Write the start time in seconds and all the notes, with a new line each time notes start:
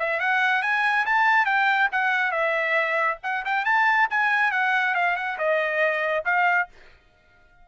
0.00 E5
0.20 F#5
0.63 G#5
1.06 A5
1.46 G5
1.92 F#5
2.32 E5
3.23 F#5
3.45 G5
3.66 A5
4.10 G#5
4.52 F#5
4.95 F5
5.17 F#5
5.38 D#5
6.26 F5